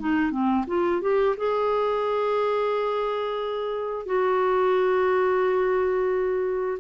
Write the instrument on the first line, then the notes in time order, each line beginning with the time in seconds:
clarinet
0.00 D#4
0.31 C4
0.67 F4
1.02 G4
1.37 G#4
4.06 F#4